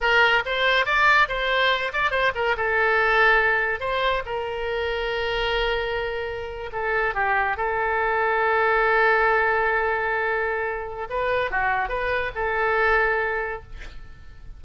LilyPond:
\new Staff \with { instrumentName = "oboe" } { \time 4/4 \tempo 4 = 141 ais'4 c''4 d''4 c''4~ | c''8 d''8 c''8 ais'8 a'2~ | a'4 c''4 ais'2~ | ais'2.~ ais'8. a'16~ |
a'8. g'4 a'2~ a'16~ | a'1~ | a'2 b'4 fis'4 | b'4 a'2. | }